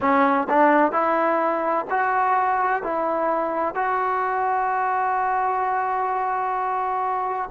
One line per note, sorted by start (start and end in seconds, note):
0.00 0.47 C#4
0.49 0.92 D4
0.92 1.85 E4
1.90 2.83 F#4
2.83 3.75 E4
3.75 7.50 F#4